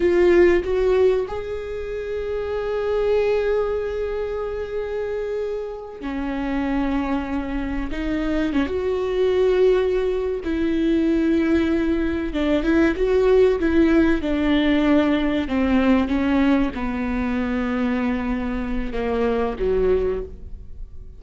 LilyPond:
\new Staff \with { instrumentName = "viola" } { \time 4/4 \tempo 4 = 95 f'4 fis'4 gis'2~ | gis'1~ | gis'4. cis'2~ cis'8~ | cis'8 dis'4 cis'16 fis'2~ fis'16~ |
fis'8 e'2. d'8 | e'8 fis'4 e'4 d'4.~ | d'8 c'4 cis'4 b4.~ | b2 ais4 fis4 | }